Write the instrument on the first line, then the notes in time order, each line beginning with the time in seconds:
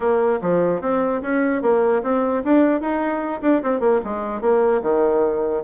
bassoon
0.00 A#3
0.41 F3
0.81 C4
1.22 C#4
1.62 A#3
2.02 C4
2.44 D4
2.80 D#4
3.41 D4
3.62 C4
3.80 A#3
4.04 G#3
4.41 A#3
4.82 D#3